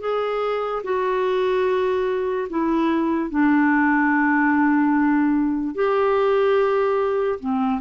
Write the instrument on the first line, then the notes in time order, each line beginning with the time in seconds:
clarinet
0.00 G#4
0.83 F#4
2.49 E4
3.30 D4
5.75 G4
7.40 C4